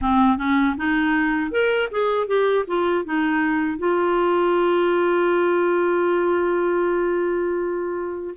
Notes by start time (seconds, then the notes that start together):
0.01 C4
0.37 C#4
0.77 D#4
1.51 A#4
1.91 G#4
2.27 G4
2.67 F4
3.04 D#4
3.78 F4